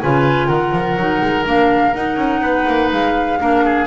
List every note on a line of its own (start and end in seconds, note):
0.00 0.49 C#3
0.00 0.98 F4
0.00 0.47 B4
0.00 0.48 G#5
0.47 0.72 D#3
0.47 2.41 A#4
0.47 1.44 F#5
0.72 0.96 F3
0.97 1.21 F#3
0.97 1.45 D#4
1.22 1.46 G#3
1.45 1.94 A#3
1.45 1.93 D4
1.45 1.94 F5
1.94 2.17 D#4
1.94 3.40 D#4
1.94 2.91 F#5
2.17 2.41 C#4
2.41 2.65 B3
2.41 3.39 B4
2.68 2.92 A#3
2.92 3.41 G#3
2.92 3.87 F5
3.40 3.87 A#3
3.40 3.87 D4
3.40 3.65 A#4
3.65 3.87 G#4